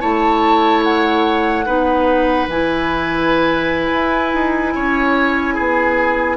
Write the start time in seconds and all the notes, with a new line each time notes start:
0.00 A3 E4 C#5 A5
0.83 F#5
1.65 B3 D#4 B4
2.47 E3 E4 G#5
3.92 E4
4.33 D#4
4.75 C#4 C#5
5.54 B3 G#4